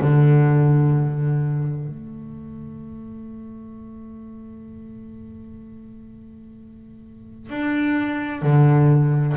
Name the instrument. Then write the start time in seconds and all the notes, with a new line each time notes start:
double bass
0.00 D3
1.87 A3
7.50 D4
8.42 D3